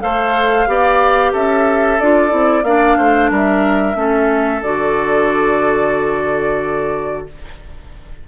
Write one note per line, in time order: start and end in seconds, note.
0.00 0.67 A3
0.00 0.66 A4
0.00 0.69 C5
0.00 1.33 F5
0.67 1.33 B3
0.67 1.99 G4
0.67 1.32 D5
1.32 2.00 C#4
1.32 2.64 A4
1.32 2.00 E5
2.00 2.33 D4
2.00 2.29 F4
2.00 2.64 D5
2.29 2.63 C4
2.29 2.62 E4
2.63 2.96 A#3
2.63 3.95 D4
2.63 2.98 D5
2.63 3.30 F5
2.98 3.30 A3
2.98 3.31 C5
3.30 3.95 G3
3.30 3.97 A#4
3.30 4.63 E5
3.95 4.61 A3
3.95 4.61 C#4
3.95 7.28 A4
4.62 7.26 D3
4.62 7.28 F#4
4.62 7.27 D5